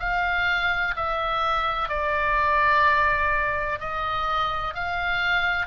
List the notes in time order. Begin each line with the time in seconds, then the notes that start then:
0.00 F5
0.97 E5
1.89 D5
3.81 D#5
4.75 F5